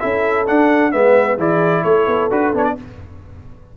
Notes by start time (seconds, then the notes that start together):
0.00 C#4 E4 A4 E5
0.47 D4 F#5
0.92 G#3 B3 B4 E5
1.38 E3 E4 G#4 D5
1.83 A3 A4 C#5
2.07 B3
2.31 D4 F#4 B4
2.54 B3 D4 C#5
2.65 D5